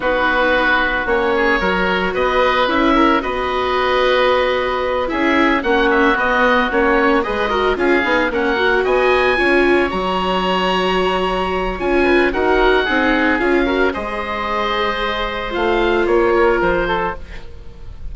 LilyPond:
<<
  \new Staff \with { instrumentName = "oboe" } { \time 4/4 \tempo 4 = 112 b'2 cis''2 | dis''4 e''4 dis''2~ | dis''4. e''4 fis''8 e''8 dis''8~ | dis''8 cis''4 dis''4 f''4 fis''8~ |
fis''8 gis''2 ais''4.~ | ais''2 gis''4 fis''4~ | fis''4 f''4 dis''2~ | dis''4 f''4 cis''4 c''4 | }
  \new Staff \with { instrumentName = "oboe" } { \time 4/4 fis'2~ fis'8 gis'8 ais'4 | b'4. ais'8 b'2~ | b'4. gis'4 fis'4.~ | fis'4. b'8 ais'8 gis'4 ais'8~ |
ais'8 dis''4 cis''2~ cis''8~ | cis''2~ cis''8 b'8 ais'4 | gis'4. ais'8 c''2~ | c''2~ c''8 ais'4 a'8 | }
  \new Staff \with { instrumentName = "viola" } { \time 4/4 dis'2 cis'4 fis'4~ | fis'4 e'4 fis'2~ | fis'4. e'4 cis'4 b8~ | b8 cis'4 gis'8 fis'8 f'8 dis'8 cis'8 |
fis'4. f'4 fis'4.~ | fis'2 f'4 fis'4 | dis'4 f'8 fis'8 gis'2~ | gis'4 f'2. | }
  \new Staff \with { instrumentName = "bassoon" } { \time 4/4 b2 ais4 fis4 | b4 cis'4 b2~ | b4. cis'4 ais4 b8~ | b8 ais4 gis4 cis'8 b8 ais8~ |
ais8 b4 cis'4 fis4.~ | fis2 cis'4 dis'4 | c'4 cis'4 gis2~ | gis4 a4 ais4 f4 | }
>>